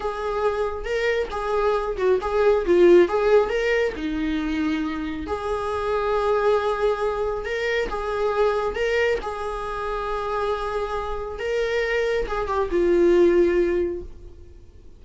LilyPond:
\new Staff \with { instrumentName = "viola" } { \time 4/4 \tempo 4 = 137 gis'2 ais'4 gis'4~ | gis'8 fis'8 gis'4 f'4 gis'4 | ais'4 dis'2. | gis'1~ |
gis'4 ais'4 gis'2 | ais'4 gis'2.~ | gis'2 ais'2 | gis'8 g'8 f'2. | }